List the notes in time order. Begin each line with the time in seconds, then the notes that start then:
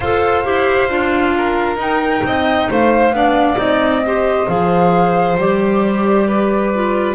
0.00 F4 A4 C5 F5
0.44 E4 G4
0.89 D4 F4
1.36 A#4
1.76 D#4 G5
2.24 C4 D#5
2.70 A3 C5 F5
3.11 B3 D4 D5
3.56 C4 D#4 D#5
4.05 G4 C5
4.47 F3 G#4 F5
5.37 G3 G4 D5
6.27 B4
6.74 F4